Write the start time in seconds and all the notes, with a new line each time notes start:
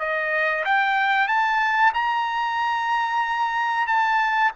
0.00 D#5
0.65 G5
1.28 A5
1.94 A#5
3.87 A5